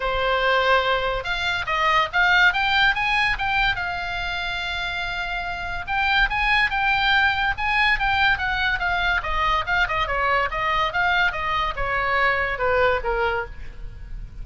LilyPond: \new Staff \with { instrumentName = "oboe" } { \time 4/4 \tempo 4 = 143 c''2. f''4 | dis''4 f''4 g''4 gis''4 | g''4 f''2.~ | f''2 g''4 gis''4 |
g''2 gis''4 g''4 | fis''4 f''4 dis''4 f''8 dis''8 | cis''4 dis''4 f''4 dis''4 | cis''2 b'4 ais'4 | }